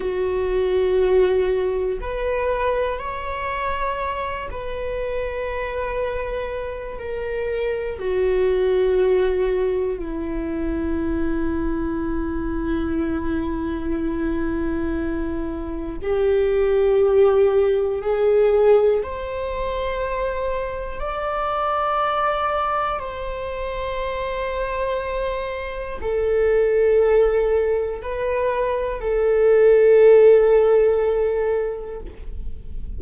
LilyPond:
\new Staff \with { instrumentName = "viola" } { \time 4/4 \tempo 4 = 60 fis'2 b'4 cis''4~ | cis''8 b'2~ b'8 ais'4 | fis'2 e'2~ | e'1 |
g'2 gis'4 c''4~ | c''4 d''2 c''4~ | c''2 a'2 | b'4 a'2. | }